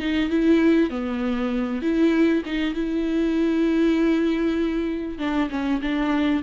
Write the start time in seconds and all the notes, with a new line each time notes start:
0.00 D#4
0.30 E4
0.90 B3
1.82 E4
2.46 D#4
2.74 E4
5.19 D4
5.50 C#4
5.82 D4